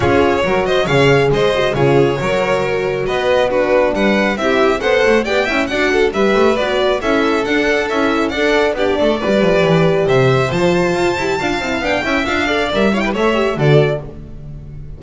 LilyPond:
<<
  \new Staff \with { instrumentName = "violin" } { \time 4/4 \tempo 4 = 137 cis''4. dis''8 f''4 dis''4 | cis''2. dis''4 | b'4 fis''4 e''4 fis''4 | g''4 fis''4 e''4 d''4 |
e''4 fis''4 e''4 fis''4 | d''2. e''4 | a''2. g''4 | f''4 e''8 f''16 g''16 e''4 d''4 | }
  \new Staff \with { instrumentName = "violin" } { \time 4/4 gis'4 ais'8 c''8 cis''4 c''4 | gis'4 ais'2 b'4 | fis'4 b'4 g'4 c''4 | d''8 e''8 d''8 a'8 b'2 |
a'2. d''4 | g'8 a'8 b'2 c''4~ | c''2 f''4. e''8~ | e''8 d''4 cis''16 b'16 cis''4 a'4 | }
  \new Staff \with { instrumentName = "horn" } { \time 4/4 f'4 fis'4 gis'4. fis'8 | f'4 fis'2. | d'2 e'4 a'4 | g'8 e'8 fis'4 g'4 fis'4 |
e'4 d'4 e'4 a'4 | d'4 g'2. | f'4. g'8 f'8 e'8 d'8 e'8 | f'8 a'8 ais'8 e'8 a'8 g'8 fis'4 | }
  \new Staff \with { instrumentName = "double bass" } { \time 4/4 cis'4 fis4 cis4 gis4 | cis4 fis2 b4~ | b4 g4 c'4 b8 a8 | b8 cis'8 d'4 g8 a8 b4 |
cis'4 d'4 cis'4 d'4 | b8 a8 g8 f8 e4 c4 | f4 f'8 e'8 d'8 c'8 b8 cis'8 | d'4 g4 a4 d4 | }
>>